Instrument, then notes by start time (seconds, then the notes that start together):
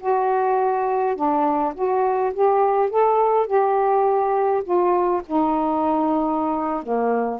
saxophone
0.00 F#4
1.16 D4
1.75 F#4
2.34 G4
2.90 A4
3.47 G4
4.64 F4
5.27 D#4
6.83 A#3